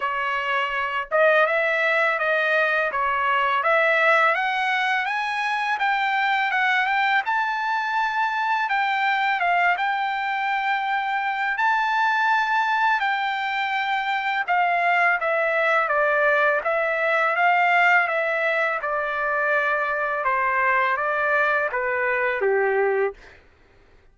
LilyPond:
\new Staff \with { instrumentName = "trumpet" } { \time 4/4 \tempo 4 = 83 cis''4. dis''8 e''4 dis''4 | cis''4 e''4 fis''4 gis''4 | g''4 fis''8 g''8 a''2 | g''4 f''8 g''2~ g''8 |
a''2 g''2 | f''4 e''4 d''4 e''4 | f''4 e''4 d''2 | c''4 d''4 b'4 g'4 | }